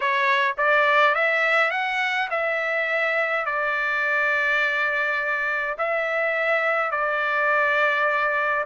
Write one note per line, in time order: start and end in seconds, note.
0.00 0.55 C#5
0.57 1.15 D5
1.15 1.70 E5
1.70 2.28 F#5
2.30 3.45 E5
3.45 5.76 D5
5.78 6.91 E5
6.91 8.64 D5